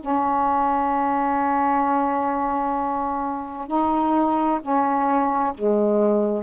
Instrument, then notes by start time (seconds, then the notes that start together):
saxophone
0.00 C#4
3.68 D#4
4.61 C#4
5.54 G#3